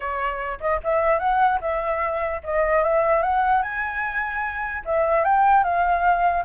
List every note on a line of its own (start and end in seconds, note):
0.00 0.59 C#5
0.60 0.80 D#5
0.83 1.19 E5
1.19 1.59 F#5
1.61 2.41 E5
2.43 2.83 D#5
2.83 3.22 E5
3.22 3.62 F#5
3.62 4.83 G#5
4.85 5.24 E5
5.24 5.63 G5
5.63 6.44 F5